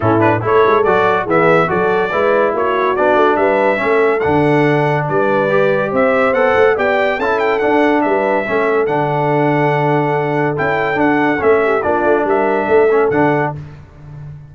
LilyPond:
<<
  \new Staff \with { instrumentName = "trumpet" } { \time 4/4 \tempo 4 = 142 a'8 b'8 cis''4 d''4 e''4 | d''2 cis''4 d''4 | e''2 fis''2 | d''2 e''4 fis''4 |
g''4 a''8 g''8 fis''4 e''4~ | e''4 fis''2.~ | fis''4 g''4 fis''4 e''4 | d''4 e''2 fis''4 | }
  \new Staff \with { instrumentName = "horn" } { \time 4/4 e'4 a'2 gis'4 | a'4 b'4 fis'2 | b'4 a'2. | b'2 c''2 |
d''4 a'2 b'4 | a'1~ | a'2.~ a'8 g'8 | f'4 ais'4 a'2 | }
  \new Staff \with { instrumentName = "trombone" } { \time 4/4 cis'8 d'8 e'4 fis'4 b4 | fis'4 e'2 d'4~ | d'4 cis'4 d'2~ | d'4 g'2 a'4 |
g'4 e'4 d'2 | cis'4 d'2.~ | d'4 e'4 d'4 cis'4 | d'2~ d'8 cis'8 d'4 | }
  \new Staff \with { instrumentName = "tuba" } { \time 4/4 a,4 a8 gis8 fis4 e4 | fis4 gis4 ais4 b8 a8 | g4 a4 d2 | g2 c'4 b8 a8 |
b4 cis'4 d'4 g4 | a4 d2.~ | d4 cis'4 d'4 a4 | ais8 a8 g4 a4 d4 | }
>>